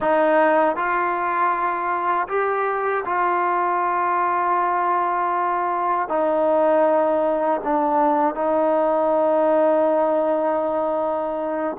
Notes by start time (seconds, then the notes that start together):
0.00 D#4
0.76 F4
2.28 G4
3.05 F4
6.09 D#4
7.64 D4
8.34 D#4